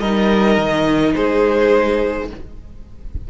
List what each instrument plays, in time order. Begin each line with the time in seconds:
0.00 cello G3, viola D#4, violin A#4 D#5
0.58 cello D#3
1.15 cello G#3, violin G#4 C5